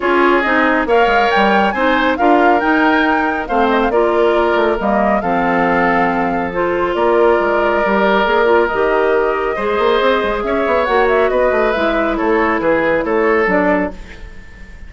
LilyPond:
<<
  \new Staff \with { instrumentName = "flute" } { \time 4/4 \tempo 4 = 138 cis''4 dis''4 f''4 g''4 | gis''4 f''4 g''2 | f''8 dis''16 f''16 d''2 dis''4 | f''2. c''4 |
d''1 | dis''1 | e''4 fis''8 e''8 dis''4 e''4 | cis''4 b'4 cis''4 d''4 | }
  \new Staff \with { instrumentName = "oboe" } { \time 4/4 gis'2 cis''2 | c''4 ais'2. | c''4 ais'2. | a'1 |
ais'1~ | ais'2 c''2 | cis''2 b'2 | a'4 gis'4 a'2 | }
  \new Staff \with { instrumentName = "clarinet" } { \time 4/4 f'4 dis'4 ais'2 | dis'4 f'4 dis'2 | c'4 f'2 ais4 | c'2. f'4~ |
f'2 g'4 gis'8 f'8 | g'2 gis'2~ | gis'4 fis'2 e'4~ | e'2. d'4 | }
  \new Staff \with { instrumentName = "bassoon" } { \time 4/4 cis'4 c'4 ais8 gis8 g4 | c'4 d'4 dis'2 | a4 ais4. a8 g4 | f1 |
ais4 gis4 g4 ais4 | dis2 gis8 ais8 c'8 gis8 | cis'8 b8 ais4 b8 a8 gis4 | a4 e4 a4 fis4 | }
>>